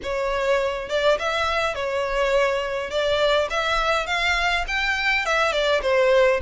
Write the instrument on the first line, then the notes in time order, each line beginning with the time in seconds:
violin
0.02 C#5
0.88 D5
1.19 E5
1.74 C#5
2.90 D5
3.50 E5
4.06 F5
4.67 G5
5.25 E5
5.52 D5
5.82 C5